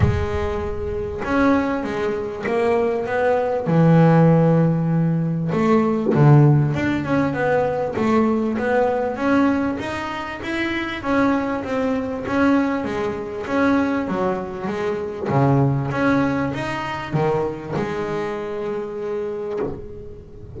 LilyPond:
\new Staff \with { instrumentName = "double bass" } { \time 4/4 \tempo 4 = 98 gis2 cis'4 gis4 | ais4 b4 e2~ | e4 a4 d4 d'8 cis'8 | b4 a4 b4 cis'4 |
dis'4 e'4 cis'4 c'4 | cis'4 gis4 cis'4 fis4 | gis4 cis4 cis'4 dis'4 | dis4 gis2. | }